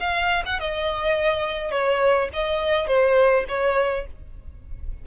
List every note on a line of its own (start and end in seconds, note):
0.00 0.43 F5
0.46 0.60 F#5
0.60 1.72 D#5
1.72 2.29 C#5
2.34 2.88 D#5
2.88 3.45 C5
3.49 4.06 C#5